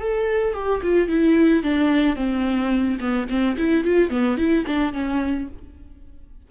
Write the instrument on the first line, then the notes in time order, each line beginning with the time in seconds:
viola
0.00 A4
0.54 G4
0.83 F4
1.08 E4
1.63 D4
2.16 C4
3.00 B3
3.29 C4
3.57 E4
3.84 F4
4.10 B3
4.37 E4
4.67 D4
4.93 C#4